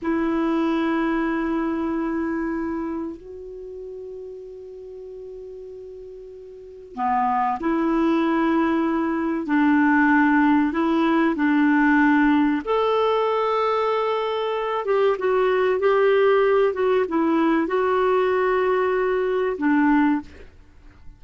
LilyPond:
\new Staff \with { instrumentName = "clarinet" } { \time 4/4 \tempo 4 = 95 e'1~ | e'4 fis'2.~ | fis'2. b4 | e'2. d'4~ |
d'4 e'4 d'2 | a'2.~ a'8 g'8 | fis'4 g'4. fis'8 e'4 | fis'2. d'4 | }